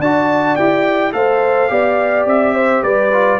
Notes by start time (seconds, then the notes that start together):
0.00 D4 F#4 D5 A5
0.56 E4 G4 G5
1.13 A3 A4 C5 F5
1.69 B3 G4 D5
2.26 C4 E5
2.55 C5
2.83 G3 B4 D5
3.13 F4